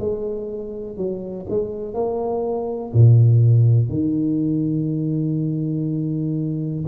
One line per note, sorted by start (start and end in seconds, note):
0.00 0.97 G#3
0.97 1.47 F#3
1.50 1.94 G#3
1.94 2.93 A#3
2.94 3.90 A#2
3.90 6.85 D#3